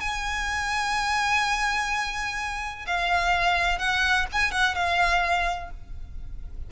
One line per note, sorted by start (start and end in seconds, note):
0.00 2.86 G#5
2.87 3.79 F5
3.79 4.26 F#5
4.32 4.51 G#5
4.51 4.75 F#5
4.75 5.70 F5